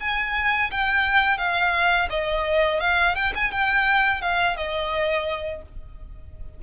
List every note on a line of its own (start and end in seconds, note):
0.00 0.71 G#5
0.71 1.38 G5
1.38 2.09 F5
2.10 2.80 D#5
2.80 3.15 F5
3.15 3.33 G5
3.35 3.51 G#5
3.51 4.21 G5
4.21 4.56 F5
4.56 5.62 D#5